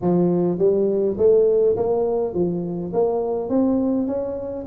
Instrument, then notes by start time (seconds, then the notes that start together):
tuba
0.01 F3
0.58 G3
1.17 A3
1.76 A#3
2.34 F3
2.93 A#3
3.49 C4
4.07 C#4